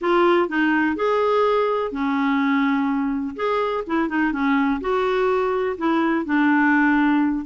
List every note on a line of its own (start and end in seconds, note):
0.01 0.48 F4
0.48 0.96 D#4
0.96 1.91 G#4
1.91 3.35 C#4
3.36 3.84 G#4
3.86 4.08 E4
4.08 4.32 D#4
4.32 4.80 C#4
4.80 5.76 F#4
5.77 6.25 E4
6.25 7.45 D4